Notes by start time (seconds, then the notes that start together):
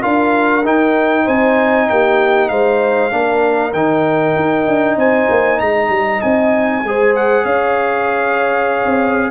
0.00 D4 F4 A#4 F5
0.64 D#4 G5
1.23 C4 C5 G#5
1.89 A#3 G4 G5
2.48 G#3 C5 F5
3.10 A#3 D4 A#4
3.73 D#3 D#4 G5
4.35 D#4
4.67 D4
4.96 C4 C5 G#5
5.29 A#3
5.59 G#3 D#5 A#5
5.89 G3
6.21 C4 G#5
6.83 G#3 G#4 C5
7.15 F#5
7.44 C#4 C#5 F5
8.84 C4